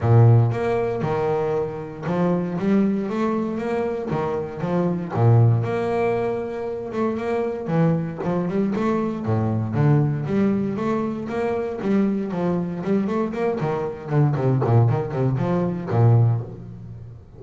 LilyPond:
\new Staff \with { instrumentName = "double bass" } { \time 4/4 \tempo 4 = 117 ais,4 ais4 dis2 | f4 g4 a4 ais4 | dis4 f4 ais,4 ais4~ | ais4. a8 ais4 e4 |
f8 g8 a4 a,4 d4 | g4 a4 ais4 g4 | f4 g8 a8 ais8 dis4 d8 | c8 ais,8 dis8 c8 f4 ais,4 | }